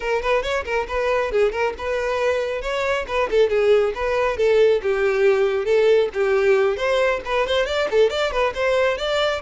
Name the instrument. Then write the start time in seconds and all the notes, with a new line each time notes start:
violin
0.00 A#4
0.22 B4
0.42 C#5
0.64 A#4
0.88 B4
1.31 G#4
1.51 A#4
1.78 B4
2.61 C#5
3.07 B4
3.30 A4
3.49 G#4
3.94 B4
4.37 A4
4.82 G4
5.65 A4
6.13 G4
6.76 C5
7.25 B4
7.46 C5
7.65 D5
7.90 A4
8.10 D5
8.31 B4
8.54 C5
8.97 D5